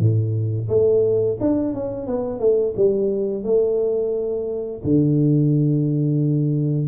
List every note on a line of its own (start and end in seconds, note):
0.00 0.69 A2
0.70 1.39 A3
1.41 1.75 D4
1.75 2.07 C#4
2.07 2.40 B3
2.40 2.75 A3
2.77 3.44 G3
3.44 4.82 A3
4.84 6.88 D3